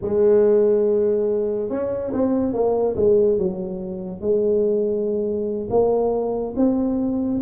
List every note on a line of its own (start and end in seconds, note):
0.01 1.69 G#3
1.69 2.12 C#4
2.12 2.53 C4
2.53 2.95 A#3
2.96 3.38 G#3
3.38 4.20 F#3
4.20 5.68 G#3
5.70 6.54 A#3
6.56 7.40 C4